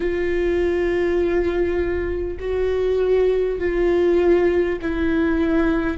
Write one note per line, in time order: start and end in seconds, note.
0.00 2.37 F4
2.39 3.59 F#4
3.59 4.79 F4
4.81 5.97 E4